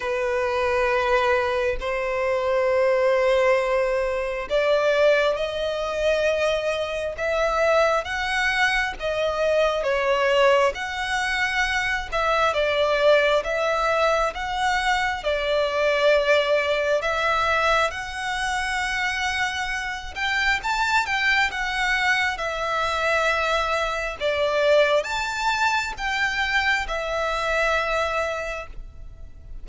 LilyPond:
\new Staff \with { instrumentName = "violin" } { \time 4/4 \tempo 4 = 67 b'2 c''2~ | c''4 d''4 dis''2 | e''4 fis''4 dis''4 cis''4 | fis''4. e''8 d''4 e''4 |
fis''4 d''2 e''4 | fis''2~ fis''8 g''8 a''8 g''8 | fis''4 e''2 d''4 | a''4 g''4 e''2 | }